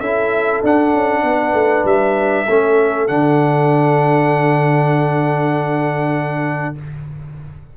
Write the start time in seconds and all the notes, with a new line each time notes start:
0.00 C#4 E4 A4 E5
0.64 D4 F#5
0.94 C#4
1.23 B3 B4
1.54 A3
1.85 G3 E5
2.49 A3 C#4 A4
3.08 D3 D4 F#5